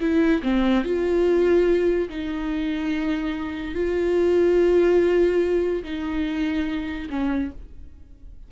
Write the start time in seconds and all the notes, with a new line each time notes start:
0.00 E4
0.42 C4
0.84 F4
2.09 D#4
3.75 F4
5.83 D#4
7.10 C#4